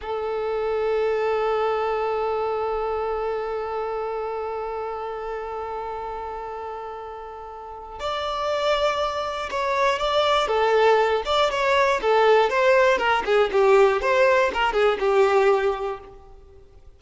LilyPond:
\new Staff \with { instrumentName = "violin" } { \time 4/4 \tempo 4 = 120 a'1~ | a'1~ | a'1~ | a'1 |
d''2. cis''4 | d''4 a'4. d''8 cis''4 | a'4 c''4 ais'8 gis'8 g'4 | c''4 ais'8 gis'8 g'2 | }